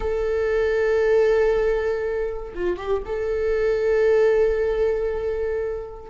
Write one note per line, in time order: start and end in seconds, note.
0.00 2.53 A4
2.54 2.77 F4
2.77 3.02 G4
3.05 6.10 A4